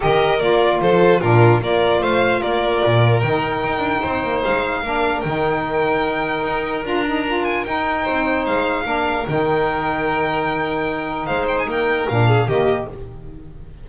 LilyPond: <<
  \new Staff \with { instrumentName = "violin" } { \time 4/4 \tempo 4 = 149 dis''4 d''4 c''4 ais'4 | d''4 f''4 d''2 | g''2. f''4~ | f''4 g''2.~ |
g''4 ais''4. gis''8 g''4~ | g''4 f''2 g''4~ | g''1 | f''8 g''16 gis''16 g''4 f''4 dis''4 | }
  \new Staff \with { instrumentName = "violin" } { \time 4/4 ais'2 a'4 f'4 | ais'4 c''4 ais'2~ | ais'2 c''2 | ais'1~ |
ais'1 | c''2 ais'2~ | ais'1 | c''4 ais'4. gis'8 g'4 | }
  \new Staff \with { instrumentName = "saxophone" } { \time 4/4 g'4 f'2 d'4 | f'1 | dis'1 | d'4 dis'2.~ |
dis'4 f'8 dis'8 f'4 dis'4~ | dis'2 d'4 dis'4~ | dis'1~ | dis'2 d'4 ais4 | }
  \new Staff \with { instrumentName = "double bass" } { \time 4/4 dis4 ais4 f4 ais,4 | ais4 a4 ais4 ais,4 | dis4 dis'8 d'8 c'8 ais8 gis4 | ais4 dis2. |
dis'4 d'2 dis'4 | c'4 gis4 ais4 dis4~ | dis1 | gis4 ais4 ais,4 dis4 | }
>>